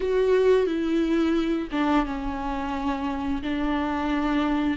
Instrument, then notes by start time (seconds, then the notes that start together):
viola
0.00 F#4
0.66 E4
1.71 D4
2.05 C#4
3.42 D4